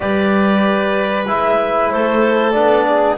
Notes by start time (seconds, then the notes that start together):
0.00 G3 G4 B4 D5
1.27 G#3 E4 E5
1.90 A3 A4 C5
2.51 B3 D4 D5
2.87 G#4